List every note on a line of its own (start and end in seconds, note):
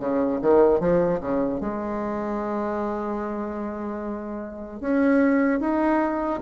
0.00 0.40 C#3
0.42 0.80 D#3
0.80 1.20 F3
1.21 1.61 C#3
1.61 4.81 G#3
4.81 5.60 C#4
5.60 6.40 D#4